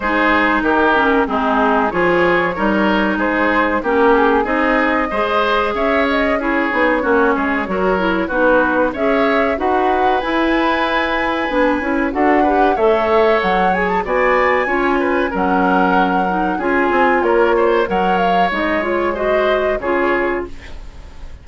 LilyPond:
<<
  \new Staff \with { instrumentName = "flute" } { \time 4/4 \tempo 4 = 94 c''4 ais'4 gis'4 cis''4~ | cis''4 c''4 ais'8 gis'8 dis''4~ | dis''4 e''8 dis''8 cis''2~ | cis''4 b'4 e''4 fis''4 |
gis''2. fis''4 | e''4 fis''8 gis''16 a''16 gis''2 | fis''2 gis''4 cis''4 | fis''8 f''8 dis''8 cis''8 dis''4 cis''4 | }
  \new Staff \with { instrumentName = "oboe" } { \time 4/4 gis'4 g'4 dis'4 gis'4 | ais'4 gis'4 g'4 gis'4 | c''4 cis''4 gis'4 fis'8 gis'8 | ais'4 fis'4 cis''4 b'4~ |
b'2. a'8 b'8 | cis''2 d''4 cis''8 b'8 | ais'2 gis'4 ais'8 c''8 | cis''2 c''4 gis'4 | }
  \new Staff \with { instrumentName = "clarinet" } { \time 4/4 dis'4. cis'8 c'4 f'4 | dis'2 cis'4 dis'4 | gis'2 e'8 dis'8 cis'4 | fis'8 e'8 dis'4 gis'4 fis'4 |
e'2 d'8 e'8 fis'8 g'8 | a'4. gis'8 fis'4 f'4 | cis'4. dis'8 f'2 | ais'4 dis'8 f'8 fis'4 f'4 | }
  \new Staff \with { instrumentName = "bassoon" } { \time 4/4 gis4 dis4 gis4 f4 | g4 gis4 ais4 c'4 | gis4 cis'4. b8 ais8 gis8 | fis4 b4 cis'4 dis'4 |
e'2 b8 cis'8 d'4 | a4 fis4 b4 cis'4 | fis2 cis'8 c'8 ais4 | fis4 gis2 cis4 | }
>>